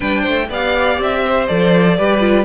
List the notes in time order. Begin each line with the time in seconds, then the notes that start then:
0.00 G3 D4 B4 G5
0.22 A3 C5
0.49 B3 G4 D5 F5
0.98 C4 E5
1.25 C5
1.46 F3 A4 D5
1.97 G3 G4 B4
2.20 F4